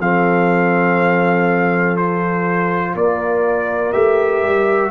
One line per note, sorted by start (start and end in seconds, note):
0.00 2.95 F3
0.00 1.98 C4
0.00 2.96 A4
0.00 1.97 F5
1.97 3.93 F4
1.97 2.95 C5
2.95 3.93 A#3
2.95 4.91 A#4
2.95 3.93 D5
3.93 4.43 A3
3.93 4.91 G4
3.93 4.91 E5
4.43 4.91 G3